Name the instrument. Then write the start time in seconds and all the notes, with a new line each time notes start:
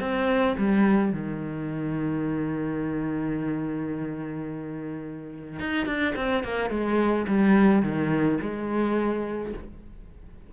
cello
0.00 C4
0.58 G3
1.12 D#3
5.59 D#4
5.86 D4
6.16 C4
6.44 A#3
6.70 G#3
7.27 G3
7.82 D#3
8.41 G#3